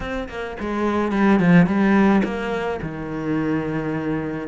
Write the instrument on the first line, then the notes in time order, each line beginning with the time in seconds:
cello
0.00 C4
0.29 A#3
0.60 G#3
1.12 G3
1.39 F3
1.66 G3
2.24 A#3
2.82 D#3